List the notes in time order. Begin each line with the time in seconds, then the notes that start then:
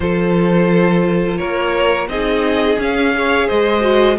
0.00 F3 F4 A4 C5
1.37 A#3 A#4 C#5
2.07 C4 D#4 G#4 D#5
2.78 C#4 F5
3.14 G#4 C#5
3.47 G#3 C5 D#5
3.80 F#4